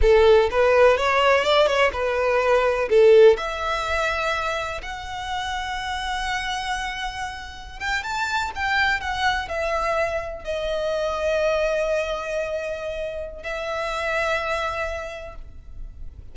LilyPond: \new Staff \with { instrumentName = "violin" } { \time 4/4 \tempo 4 = 125 a'4 b'4 cis''4 d''8 cis''8 | b'2 a'4 e''4~ | e''2 fis''2~ | fis''1~ |
fis''16 g''8 a''4 g''4 fis''4 e''16~ | e''4.~ e''16 dis''2~ dis''16~ | dis''1 | e''1 | }